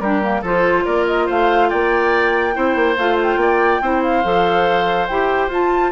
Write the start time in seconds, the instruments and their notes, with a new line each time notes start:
0.00 bassoon G3, clarinet D4, oboe G4, flute A#4
0.22 clarinet A#3
0.41 bassoon F3, clarinet F4, oboe A4, flute C5
0.85 bassoon A#3, oboe A#4, flute D5
1.07 flute D#5
1.26 bassoon A3, oboe C5, flute F5
1.70 bassoon A#3, oboe D5, flute G5
2.53 bassoon C4, clarinet E4, oboe C5
2.75 bassoon A#3
2.97 bassoon A3, clarinet F4, flute F5
3.23 flute G5
3.37 bassoon A#3, oboe D5
3.81 bassoon C4, clarinet E4, oboe C5
4.03 flute F5
4.24 bassoon F3, clarinet A4
5.07 bassoon E4, clarinet G4, flute G5
5.48 bassoon F4, clarinet F4, flute A5